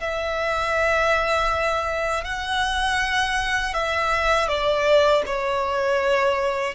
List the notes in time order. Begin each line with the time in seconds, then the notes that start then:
0.00 E5
2.24 F#5
3.74 E5
4.48 D5
5.26 C#5